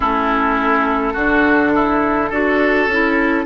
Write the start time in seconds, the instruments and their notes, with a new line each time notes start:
0.00 bassoon A3, clarinet C#4, oboe E4, flute A4
1.13 bassoon D3, clarinet D4, oboe F#4
1.75 oboe E4
2.29 bassoon D4, clarinet F#4, oboe A4
2.87 bassoon C#4, clarinet E4